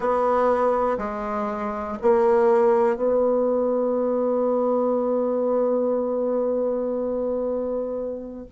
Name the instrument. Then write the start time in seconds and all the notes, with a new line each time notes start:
bassoon
0.00 B3
0.98 G#3
2.02 A#3
2.95 B3